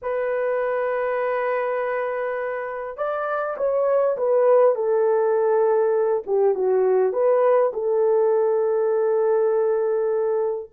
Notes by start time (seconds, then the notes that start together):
0.01 B4
2.97 D5
3.57 C#5
4.17 B4
4.75 A4
6.26 G4
6.55 F#4
7.12 B4
7.73 A4